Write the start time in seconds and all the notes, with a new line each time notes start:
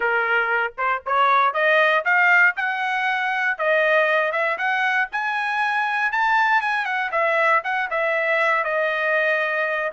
0.00 A#4
0.77 C5
1.05 C#5
1.53 D#5
2.04 F5
2.56 F#5
3.58 D#5
4.32 E5
4.57 F#5
5.11 G#5
6.12 A5
6.61 G#5
6.85 F#5
7.11 E5
7.63 F#5
7.90 E5
8.64 D#5